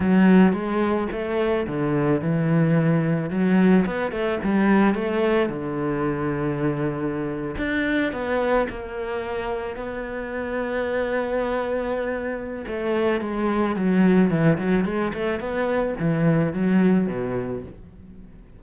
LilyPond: \new Staff \with { instrumentName = "cello" } { \time 4/4 \tempo 4 = 109 fis4 gis4 a4 d4 | e2 fis4 b8 a8 | g4 a4 d2~ | d4.~ d16 d'4 b4 ais16~ |
ais4.~ ais16 b2~ b16~ | b2. a4 | gis4 fis4 e8 fis8 gis8 a8 | b4 e4 fis4 b,4 | }